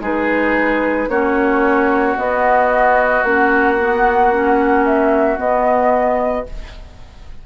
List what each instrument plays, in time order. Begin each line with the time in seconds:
0.00 bassoon G#3, clarinet D#4, oboe G#4, flute B4
1.09 bassoon A#3, clarinet C#4, oboe F#4, flute C#5
2.17 clarinet B3, bassoon B3, flute D#5
3.23 bassoon A#3, clarinet C#4, flute F#5
3.79 clarinet B3
4.32 clarinet C#4
4.85 flute E5
5.37 clarinet B3, bassoon B3, flute D#5